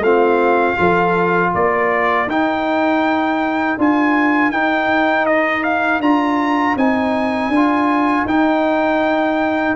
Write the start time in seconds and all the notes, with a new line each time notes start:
0.00 A3 C4 F4 F5
0.77 F3 F4 A4
1.51 A#3 A#4 D5
2.27 D#4 G5
3.78 D4 F4 G#5
4.51 D#4 G5
5.26 D#5
5.63 F5
6.00 D4 F4 A#5
6.76 C4 D#4 G#5
7.49 D4
7.55 F4
8.26 D#4 G5